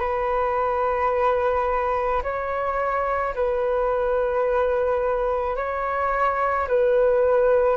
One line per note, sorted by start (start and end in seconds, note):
0.00 2.22 B4
2.23 3.34 C#5
3.35 5.56 B4
5.56 6.67 C#5
6.68 7.77 B4